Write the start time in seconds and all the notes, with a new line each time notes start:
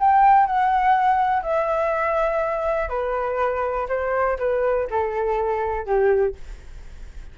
0.00 G5
0.47 F#5
1.43 E5
2.89 B4
3.89 C5
4.39 B4
4.91 A4
5.86 G4